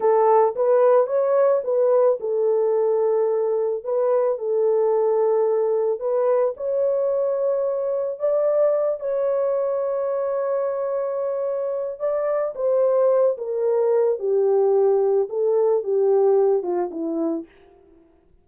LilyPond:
\new Staff \with { instrumentName = "horn" } { \time 4/4 \tempo 4 = 110 a'4 b'4 cis''4 b'4 | a'2. b'4 | a'2. b'4 | cis''2. d''4~ |
d''8 cis''2.~ cis''8~ | cis''2 d''4 c''4~ | c''8 ais'4. g'2 | a'4 g'4. f'8 e'4 | }